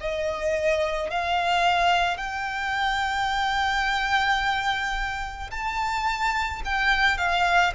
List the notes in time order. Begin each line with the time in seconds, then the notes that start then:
0.00 D#5
1.10 F5
2.17 G5
5.51 A5
6.65 G5
7.17 F5